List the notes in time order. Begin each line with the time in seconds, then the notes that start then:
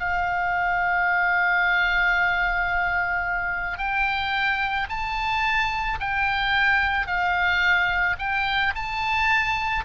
0.00 F5
3.78 G5
4.89 A5
6.00 G5
7.07 F5
8.19 G5
8.76 A5